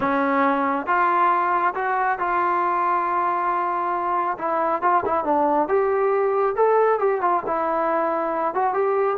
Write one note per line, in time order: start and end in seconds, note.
0.00 0.86 C#4
0.86 1.74 F4
1.75 2.18 F#4
2.18 4.37 F4
4.38 4.82 E4
4.82 5.03 F4
5.05 5.24 E4
5.24 5.68 D4
5.68 6.55 G4
6.55 6.99 A4
6.99 7.21 G4
7.21 7.43 F4
7.46 8.54 E4
8.54 8.73 F#4
8.73 9.17 G4